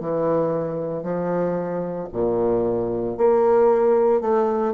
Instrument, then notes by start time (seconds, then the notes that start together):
bassoon
0.00 E3
1.03 F3
2.12 A#2
3.17 A#3
4.21 A3